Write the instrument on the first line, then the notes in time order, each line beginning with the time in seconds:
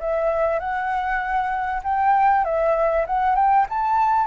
flute
0.00 E5
0.59 F#5
1.84 G5
2.45 E5
3.07 F#5
3.36 G5
3.69 A5